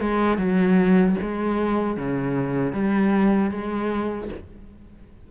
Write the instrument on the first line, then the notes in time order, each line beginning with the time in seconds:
cello
0.00 G#3
0.37 F#3
1.21 G#3
1.97 C#3
2.72 G3
3.51 G#3